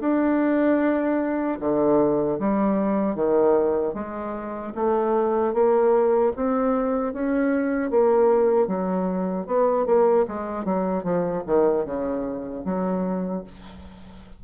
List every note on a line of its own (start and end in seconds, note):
0.00 1.58 D4
1.60 2.39 D3
2.39 3.15 G3
3.15 3.94 D#3
3.94 4.73 G#3
4.75 5.53 A3
5.53 6.32 A#3
6.36 7.13 C4
7.13 7.90 C#4
7.90 8.67 A#3
8.67 9.46 F#3
9.46 9.86 B3
9.86 10.25 A#3
10.27 10.64 G#3
10.64 11.03 F#3
11.03 11.43 F3
11.46 11.85 D#3
11.85 12.64 C#3
12.65 13.44 F#3